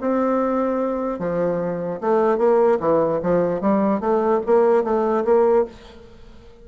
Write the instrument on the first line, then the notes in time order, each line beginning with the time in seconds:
bassoon
0.00 C4
1.19 F3
2.00 A3
2.38 A#3
2.79 E3
3.22 F3
3.61 G3
4.00 A3
4.46 A#3
4.83 A3
5.24 A#3